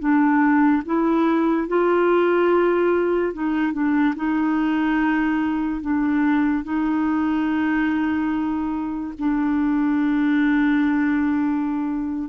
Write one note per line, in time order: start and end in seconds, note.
0.00 0.83 D4
0.86 1.69 E4
1.69 3.34 F4
3.34 3.73 D#4
3.73 4.15 D4
4.16 5.82 D#4
5.82 6.64 D4
6.64 9.14 D#4
9.19 12.30 D4